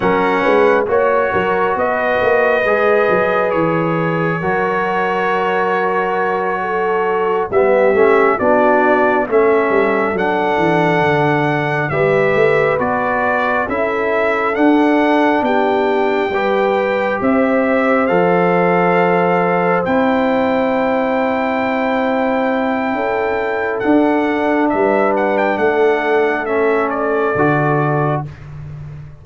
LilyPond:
<<
  \new Staff \with { instrumentName = "trumpet" } { \time 4/4 \tempo 4 = 68 fis''4 cis''4 dis''2 | cis''1~ | cis''8 e''4 d''4 e''4 fis''8~ | fis''4. e''4 d''4 e''8~ |
e''8 fis''4 g''2 e''8~ | e''8 f''2 g''4.~ | g''2. fis''4 | e''8 fis''16 g''16 fis''4 e''8 d''4. | }
  \new Staff \with { instrumentName = "horn" } { \time 4/4 ais'8 b'8 cis''8 ais'8 b'2~ | b'4 ais'2~ ais'8 a'8~ | a'8 g'4 fis'4 a'4.~ | a'4. b'2 a'8~ |
a'4. g'4 b'4 c''8~ | c''1~ | c''2 a'2 | b'4 a'2. | }
  \new Staff \with { instrumentName = "trombone" } { \time 4/4 cis'4 fis'2 gis'4~ | gis'4 fis'2.~ | fis'8 b8 cis'8 d'4 cis'4 d'8~ | d'4. g'4 fis'4 e'8~ |
e'8 d'2 g'4.~ | g'8 a'2 e'4.~ | e'2. d'4~ | d'2 cis'4 fis'4 | }
  \new Staff \with { instrumentName = "tuba" } { \time 4/4 fis8 gis8 ais8 fis8 b8 ais8 gis8 fis8 | e4 fis2.~ | fis8 g8 a8 b4 a8 g8 fis8 | e8 d4 g8 a8 b4 cis'8~ |
cis'8 d'4 b4 g4 c'8~ | c'8 f2 c'4.~ | c'2 cis'4 d'4 | g4 a2 d4 | }
>>